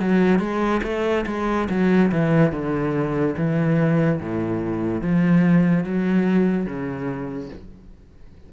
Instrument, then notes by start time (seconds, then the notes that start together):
cello
0.00 F#3
0.39 G#3
0.83 A3
1.26 G#3
1.69 F#3
2.11 E3
2.52 D3
3.37 E3
4.20 A2
5.01 F3
5.84 F#3
6.66 C#3